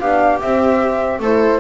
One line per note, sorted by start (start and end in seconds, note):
0.00 0.42 B3
0.00 0.42 D4
0.00 1.20 G4
0.00 0.40 F5
0.41 1.20 C4
0.41 1.23 C4
0.41 1.21 E5
1.20 1.60 A3
1.20 1.61 E4
1.20 1.61 A4
1.20 1.61 C5